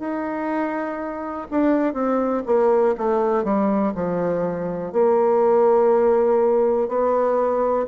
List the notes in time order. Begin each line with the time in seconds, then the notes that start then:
0.00 D#4
1.51 D4
1.94 C4
2.46 A#3
2.98 A3
3.44 G3
3.95 F3
4.93 A#3
6.89 B3